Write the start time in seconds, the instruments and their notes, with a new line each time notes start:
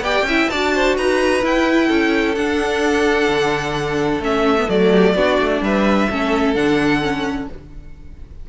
0.00 cello B3, viola G4, violin D5 G5
0.22 cello C#4, violin E5
0.29 viola E4
0.49 cello D4, viola F#4, violin D5 A5
0.75 violin C5
0.97 cello D#4, violin B4 A#5
1.42 viola E4, cello E4, violin G5
1.87 cello C#4, violin A4
2.35 cello D4, viola D4, violin F#5
3.28 cello D3
4.20 cello A3, viola C#4, violin E5
4.57 viola B3
4.68 cello F#3, viola A3, violin D5
4.92 violin G4
5.15 cello B3, viola D4, violin F#4
5.40 cello A3
5.61 cello G3, violin B4 E5
6.09 cello A3, viola C#4, violin A4
6.54 cello D3, viola D4, violin F#5
7.01 viola C#4